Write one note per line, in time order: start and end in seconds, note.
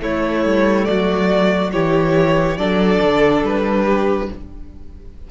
0.00 1.71 A3
0.00 0.45 A3
0.00 0.88 E4
0.00 0.85 C#5
0.45 0.88 G3
0.85 1.74 F#3
0.85 1.72 F#4
0.85 1.71 D5
1.72 2.57 E3
1.72 2.58 E4
1.72 2.58 G4
1.72 2.57 C#5
2.57 3.00 F#3
2.57 4.29 D4
2.57 3.84 A4
2.57 3.43 D5
3.01 3.42 D3
3.42 4.28 G3
3.42 4.31 B4
3.84 4.27 G4